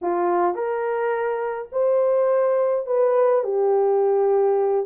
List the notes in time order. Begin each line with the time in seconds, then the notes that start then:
0.01 F4
0.54 A#4
1.71 C5
2.86 B4
3.43 G4